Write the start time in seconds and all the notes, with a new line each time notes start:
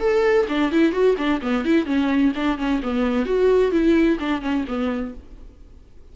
0.00 A4
0.49 D4
0.72 E4
0.92 F#4
1.18 D4
1.42 B3
1.65 E4
1.86 C#4
2.35 D4
2.58 C#4
2.83 B3
3.26 F#4
3.72 E4
4.20 D4
4.42 C#4
4.68 B3